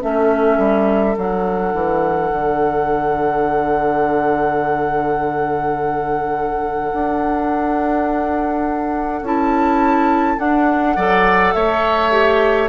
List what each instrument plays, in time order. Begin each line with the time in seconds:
0.00 bassoon A3, clarinet C#4, oboe A4, flute E5
0.58 bassoon G3
1.13 bassoon F#3, clarinet D4, flute F#5
1.73 bassoon E3
2.30 bassoon D3
6.93 bassoon D4
9.21 bassoon C#4, clarinet E4, flute A5
10.37 clarinet D4, bassoon D4, flute F#5
10.96 bassoon F#3, clarinet A4, oboe D5
11.53 bassoon A3, oboe C#5, flute E5
12.11 clarinet G4